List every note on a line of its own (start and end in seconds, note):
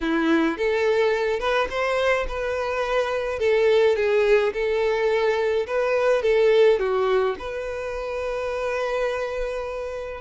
0.01 0.57 E4
0.57 1.39 A4
1.39 1.67 B4
1.70 2.26 C5
2.28 3.39 B4
3.39 3.95 A4
3.96 4.52 G#4
4.53 5.66 A4
5.66 6.22 B4
6.22 6.79 A4
6.79 7.35 F#4
7.38 10.20 B4